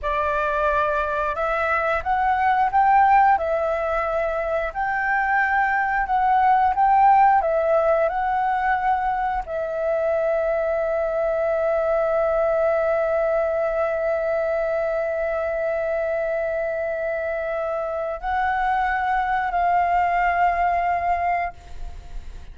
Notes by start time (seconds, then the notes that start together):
0.02 D5
1.35 E5
2.03 F#5
2.71 G5
3.38 E5
4.73 G5
6.06 F#5
6.75 G5
7.41 E5
8.09 F#5
9.46 E5
18.20 F#5
19.51 F5